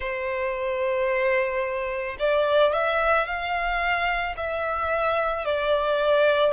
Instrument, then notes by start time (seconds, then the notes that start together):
violin
0.00 C5
2.19 D5
2.73 E5
3.26 F5
4.36 E5
5.45 D5